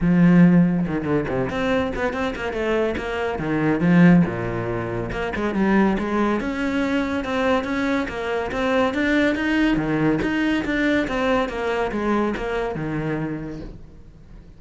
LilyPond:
\new Staff \with { instrumentName = "cello" } { \time 4/4 \tempo 4 = 141 f2 dis8 d8 c8 c'8~ | c'8 b8 c'8 ais8 a4 ais4 | dis4 f4 ais,2 | ais8 gis8 g4 gis4 cis'4~ |
cis'4 c'4 cis'4 ais4 | c'4 d'4 dis'4 dis4 | dis'4 d'4 c'4 ais4 | gis4 ais4 dis2 | }